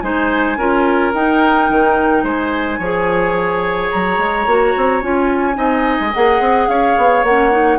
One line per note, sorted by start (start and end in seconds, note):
0.00 0.56 G#3
0.00 0.57 D#4
0.00 0.58 C5
0.00 1.11 G#5
0.56 1.12 C#4
0.56 1.14 F4
0.56 2.23 A#4
1.13 1.69 D#4
1.13 2.81 D#4
1.13 2.25 G5
1.69 2.23 D#3
2.23 2.78 G#3
2.23 2.78 C5
2.23 3.91 G#5
2.78 3.89 F3
2.78 4.47 G#4
2.78 5.56 C#5
3.91 4.18 F#3
3.91 5.02 A#5
4.18 4.45 G#3
4.45 4.73 A#3
4.45 5.01 F#4
4.76 5.02 C4
5.01 5.56 C#4
5.01 5.53 F4
5.01 6.13 G#5
5.53 5.98 C4
5.53 6.09 D#4
5.53 6.68 D#5
6.00 6.14 G#3
6.14 6.40 A#3
6.14 7.25 G#4
6.14 6.68 F#5
6.40 6.67 C4
6.67 6.95 C#4
6.67 7.78 C#5
6.67 7.23 F5
6.97 7.23 B3
7.23 7.78 A#3
7.23 7.78 F#5
7.29 7.51 C#4
7.51 7.78 D#4